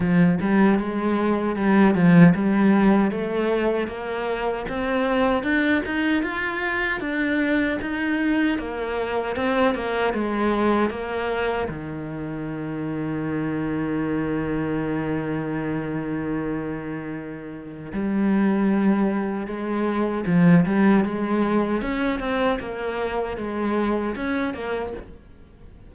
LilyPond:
\new Staff \with { instrumentName = "cello" } { \time 4/4 \tempo 4 = 77 f8 g8 gis4 g8 f8 g4 | a4 ais4 c'4 d'8 dis'8 | f'4 d'4 dis'4 ais4 | c'8 ais8 gis4 ais4 dis4~ |
dis1~ | dis2. g4~ | g4 gis4 f8 g8 gis4 | cis'8 c'8 ais4 gis4 cis'8 ais8 | }